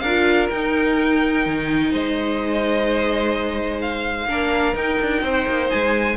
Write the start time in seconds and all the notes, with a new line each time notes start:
0.00 D4 A#4 F5
0.06 F4
0.50 D#4 G5
1.46 D#3
1.91 G#3 C5 D#5
3.81 F5
4.27 A#3 D4 A#4
4.75 D#4 G5
5.01 D4
5.23 C4 C5
5.48 A#3
5.70 G#3 G#5